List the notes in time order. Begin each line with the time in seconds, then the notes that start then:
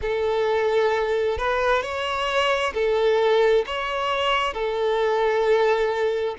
0.01 A4
1.38 B4
1.82 C#5
2.74 A4
3.66 C#5
4.53 A4